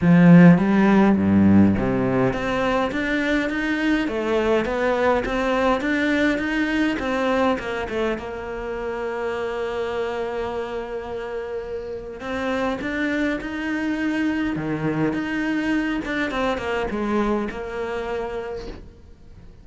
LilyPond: \new Staff \with { instrumentName = "cello" } { \time 4/4 \tempo 4 = 103 f4 g4 g,4 c4 | c'4 d'4 dis'4 a4 | b4 c'4 d'4 dis'4 | c'4 ais8 a8 ais2~ |
ais1~ | ais4 c'4 d'4 dis'4~ | dis'4 dis4 dis'4. d'8 | c'8 ais8 gis4 ais2 | }